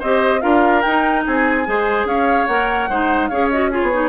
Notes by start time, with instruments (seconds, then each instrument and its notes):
0.00 bassoon C4, clarinet G4, oboe C5, flute D#5
0.41 bassoon D4, clarinet F4, oboe A#4, flute F5
0.82 bassoon D#4, clarinet D#4, flute G5
1.27 bassoon C4, oboe G#4, flute G#5
1.66 bassoon G#3, clarinet G#4, oboe C5
2.05 bassoon C#4, oboe C#5, flute F5
2.47 bassoon A#3, clarinet A#4, flute F#5
2.89 bassoon G#3, clarinet D#4, oboe C5
3.28 bassoon C#4, clarinet G#4, oboe C#5, flute F5
3.51 clarinet F#4, flute D#5
3.71 clarinet F4, oboe G#4, flute C#5
3.82 bassoon B3
3.92 clarinet D#4